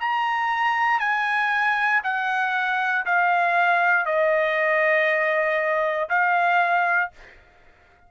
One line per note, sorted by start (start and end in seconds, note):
0.00 0.99 A#5
0.99 2.01 G#5
2.03 3.05 F#5
3.06 4.05 F5
4.05 6.09 D#5
6.09 7.11 F5